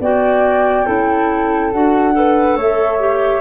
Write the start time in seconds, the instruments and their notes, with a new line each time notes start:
0.00 tuba B3, clarinet F#4, flute D5 G5
0.86 tuba C#4, clarinet E4, flute A4
1.72 tuba D4, clarinet F#4, flute F#5
2.13 clarinet A4, flute B4
2.56 tuba A3, flute C#5 E5
2.99 clarinet G4